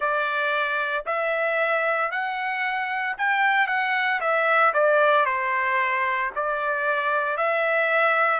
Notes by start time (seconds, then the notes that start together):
0.00 D5
1.06 E5
2.11 F#5
3.17 G5
3.67 F#5
4.20 E5
4.73 D5
5.25 C5
6.35 D5
7.37 E5